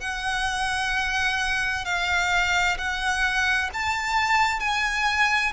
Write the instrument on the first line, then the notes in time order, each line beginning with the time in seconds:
violin
0.00 F#5
1.85 F5
2.77 F#5
3.73 A5
4.59 G#5